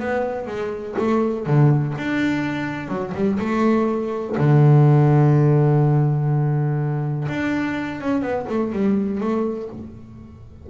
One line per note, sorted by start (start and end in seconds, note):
0.00 0.47 B3
0.47 0.95 G#3
0.99 1.46 A3
1.46 1.95 D3
1.98 2.89 D4
2.89 3.13 F#3
3.15 3.39 G3
3.39 4.36 A3
4.37 7.28 D3
7.29 8.01 D4
8.01 8.22 C#4
8.22 8.46 B3
8.49 8.73 A3
8.73 9.21 G3
9.21 9.69 A3